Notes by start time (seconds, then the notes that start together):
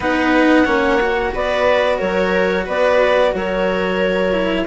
0.00 B3 D#4 B4 F#5
0.64 A#3 C#4 C#5
1.00 F#4
1.34 B3 B4 D5
1.98 F#3 A#4 C#5
2.65 B3 B4 D5
3.33 F#3 A#4 C#5
4.32 E4